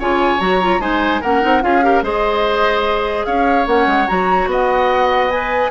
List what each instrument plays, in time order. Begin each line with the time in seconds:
0.00 bassoon C#3, clarinet F4, oboe C#5, flute G#5
0.40 bassoon F#3, clarinet F#4, flute A#5
0.62 clarinet F4
0.80 bassoon G#3, clarinet D#4, oboe C5, flute G#5
1.22 bassoon A#3, clarinet C#4, oboe A#4, flute F#5
1.41 bassoon C4, clarinet D#4
1.62 bassoon C#4, clarinet F4, oboe G#4, flute F5
1.83 clarinet G4, oboe A#4
2.02 bassoon G#3, clarinet G#4, oboe C5, flute D#5
3.26 bassoon C#4, oboe C#5, flute F5
3.67 bassoon A#3, clarinet C#4, flute F#5
3.87 bassoon G#3
4.08 bassoon F#3, clarinet F#4, flute A#5
4.46 bassoon B3, oboe D#5, flute F#5
5.31 clarinet B4, flute G#5